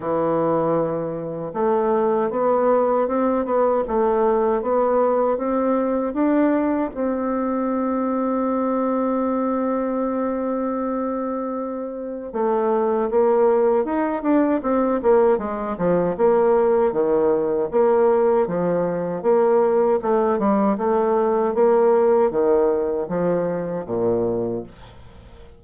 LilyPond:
\new Staff \with { instrumentName = "bassoon" } { \time 4/4 \tempo 4 = 78 e2 a4 b4 | c'8 b8 a4 b4 c'4 | d'4 c'2.~ | c'1 |
a4 ais4 dis'8 d'8 c'8 ais8 | gis8 f8 ais4 dis4 ais4 | f4 ais4 a8 g8 a4 | ais4 dis4 f4 ais,4 | }